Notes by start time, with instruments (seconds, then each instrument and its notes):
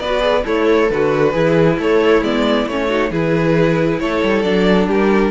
0.00 cello B3, viola F#4, violin B4 D5
0.20 viola G#4
0.44 cello A3, violin E4 C#5, viola A4
0.90 cello D3, violin F#4 B4
1.33 cello E3, violin E4, viola G#4
1.78 cello A3, viola A4, violin C#5
2.22 cello G#3, viola B3, violin D5
2.67 cello A3, viola C#4, violin C#5
2.88 viola D#4, violin F#4
3.11 cello E3, viola E4, violin G#4 B4
4.00 cello A3, violin A4 C#5
4.23 cello G3
4.42 cello F#3, viola D4, violin D5
4.88 cello G3, violin G4 A#4